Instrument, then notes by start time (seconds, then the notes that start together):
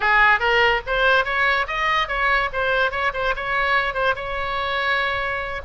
oboe
0.00 G#4
0.39 A#4
0.86 C5
1.24 C#5
1.67 D#5
2.08 C#5
2.52 C5
2.91 C#5
3.13 C5
3.36 C#5
3.94 C5
4.15 C#5